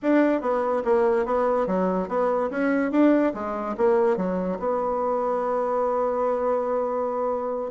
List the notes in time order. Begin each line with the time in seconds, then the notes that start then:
0.02 D4
0.41 B3
0.84 A#3
1.25 B3
1.66 F#3
2.08 B3
2.50 C#4
2.91 D4
3.33 G#3
3.77 A#3
4.16 F#3
4.59 B3